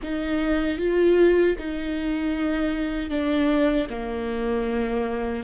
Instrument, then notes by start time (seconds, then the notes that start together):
viola
0.02 D#4
0.78 F4
1.58 D#4
3.10 D4
3.89 A#3